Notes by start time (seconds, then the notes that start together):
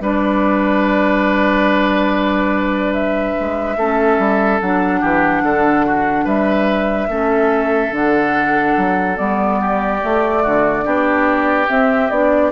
0.00 G3 D4 B4 D5
2.93 E5
3.39 G#3
3.76 A3 C#4 A4
4.18 G3
4.60 F#3 D4 F#5
5.00 E3 G4
5.42 D3 A4
5.85 F#4
6.24 G3 B4 E5
7.08 A3 C#4 A4
7.91 D3 D4 F#5
8.77 F#3
9.16 G3 B3 D5
9.60 G4
10.01 A3
10.42 D3 F#4
10.83 B3 D4 G4
11.67 C4 E5
12.10 B3 D4 D5